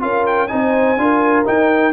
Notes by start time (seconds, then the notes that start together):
0.00 C#4 F4 A#4 F5
0.27 G5
0.48 C4 D#4 C5 G#5
0.97 D4 F4 A#4
1.45 D#4 G5